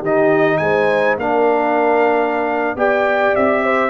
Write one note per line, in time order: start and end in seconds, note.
0.00 0.60 D#3
0.00 1.21 D#4
0.00 0.58 G4
0.00 0.58 D#5
0.58 1.17 G#3
0.58 1.20 C5
0.58 1.15 G#5
1.17 2.76 A#3
1.17 2.77 D4
1.17 2.78 A#4
1.17 2.78 F5
2.76 3.34 B3
2.76 3.90 G4
2.76 3.64 D5
2.76 3.36 G5
3.36 3.90 C4
3.36 3.90 E5
3.64 3.90 C5